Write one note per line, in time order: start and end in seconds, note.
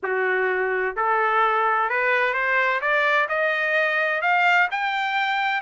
0.02 0.95 F#4
0.95 1.89 A4
1.89 2.33 B4
2.33 2.80 C5
2.81 3.27 D5
3.28 4.21 D#5
4.21 4.68 F5
4.71 5.61 G5